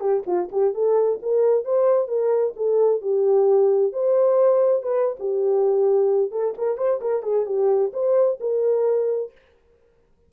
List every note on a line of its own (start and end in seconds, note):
0.00 0.23 G4
0.26 0.49 F4
0.52 0.74 G4
0.74 1.20 A4
1.22 1.64 A#4
1.64 2.08 C5
2.08 2.54 A#4
2.56 3.01 A4
3.01 3.93 G4
3.93 4.82 C5
4.82 5.17 B4
5.19 6.31 G4
6.31 6.54 A4
6.58 6.77 A#4
6.77 7.00 C5
7.01 7.23 A#4
7.23 7.46 G#4
7.46 7.92 G4
7.93 8.39 C5
8.40 9.32 A#4